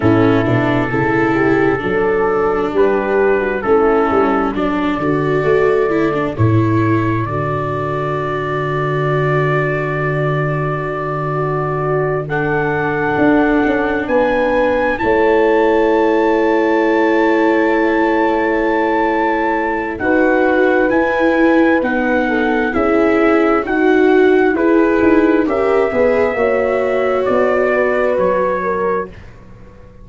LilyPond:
<<
  \new Staff \with { instrumentName = "trumpet" } { \time 4/4 \tempo 4 = 66 a'2. b'4 | a'4 d''2 cis''4 | d''1~ | d''4. fis''2 gis''8~ |
gis''8 a''2.~ a''8~ | a''2 fis''4 gis''4 | fis''4 e''4 fis''4 b'4 | e''2 d''4 cis''4 | }
  \new Staff \with { instrumentName = "horn" } { \time 4/4 e'4 a'8 g'8 a'4 g'8. fis'16 | e'4 a'2.~ | a'1~ | a'8 fis'4 a'2 b'8~ |
b'8 cis''2.~ cis''8~ | cis''2 b'2~ | b'8 a'8 gis'4 fis'4 gis'4 | ais'8 b'8 cis''4. b'4 ais'8 | }
  \new Staff \with { instrumentName = "viola" } { \time 4/4 cis'8 d'8 e'4 d'2 | cis'4 d'8 fis'4 e'16 d'16 e'4 | fis'1~ | fis'4. d'2~ d'8~ |
d'8 e'2.~ e'8~ | e'2 fis'4 e'4 | dis'4 e'4 fis'4 e'4 | g'8 gis'8 fis'2. | }
  \new Staff \with { instrumentName = "tuba" } { \time 4/4 a,8 b,8 cis4 fis4 g4 | a8 g8 fis8 d8 a4 a,4 | d1~ | d2~ d8 d'8 cis'8 b8~ |
b8 a2.~ a8~ | a2 dis'4 e'4 | b4 cis'4 dis'4 e'8 dis'8 | cis'8 b8 ais4 b4 fis4 | }
>>